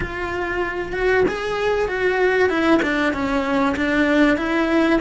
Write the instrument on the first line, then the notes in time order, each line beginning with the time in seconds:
cello
0.00 F4
0.92 F#4
1.28 G#4
1.88 F#4
2.49 E4
2.82 D4
3.12 C#4
3.76 D4
4.37 E4